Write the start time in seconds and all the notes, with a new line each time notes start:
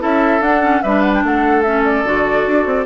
0.00 C#4 E4 A4 E5
0.40 D4 F#5
0.62 C#4
0.83 G3 D4 B4 E5
1.02 F#5
1.14 G5
1.24 A3 A4 F#5
1.62 C#4 E5
1.85 D5
2.05 D3 F#4
2.47 D4
2.66 C4